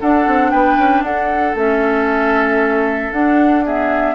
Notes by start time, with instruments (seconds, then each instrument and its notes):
0.00 clarinet D4, bassoon D4, oboe A4, flute F#5
0.27 bassoon C4
0.50 bassoon B3, oboe B4, flute G5
0.78 bassoon C#4
1.01 bassoon D4, oboe A4, flute F#5
1.55 bassoon A3, clarinet C#4, flute E5
3.11 bassoon D4, clarinet D4, flute F#5
3.64 clarinet B3, oboe G#4, flute E5